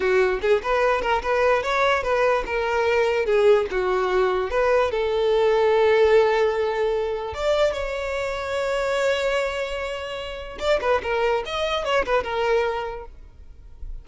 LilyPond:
\new Staff \with { instrumentName = "violin" } { \time 4/4 \tempo 4 = 147 fis'4 gis'8 b'4 ais'8 b'4 | cis''4 b'4 ais'2 | gis'4 fis'2 b'4 | a'1~ |
a'2 d''4 cis''4~ | cis''1~ | cis''2 d''8 b'8 ais'4 | dis''4 cis''8 b'8 ais'2 | }